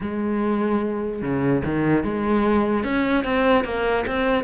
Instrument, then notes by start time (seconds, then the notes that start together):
cello
0.01 G#3
1.22 C#3
1.64 D#3
2.04 G#3
2.84 C#4
3.24 C4
3.64 A#3
4.07 C4